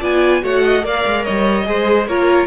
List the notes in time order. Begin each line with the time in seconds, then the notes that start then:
0.00 B3 F4 D5 G#5
0.43 A3 F#4 C#5 F#5
0.65 D#5
0.83 A#3 A#4 D5 F5
1.07 G#3
1.25 G3 C#5 D#5
1.66 G#3 G#4 C5
2.08 A#3 F4 A#4 C#5